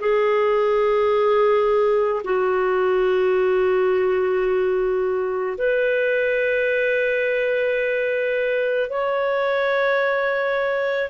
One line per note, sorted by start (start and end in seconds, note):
0.00 2.22 G#4
2.24 5.57 F#4
5.58 8.89 B4
8.89 11.10 C#5